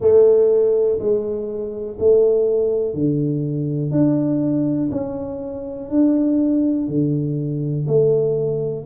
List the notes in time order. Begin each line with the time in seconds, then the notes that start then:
0.00 A3
0.99 G#3
1.99 A3
2.94 D3
3.91 D4
4.91 C#4
5.89 D4
6.88 D3
7.87 A3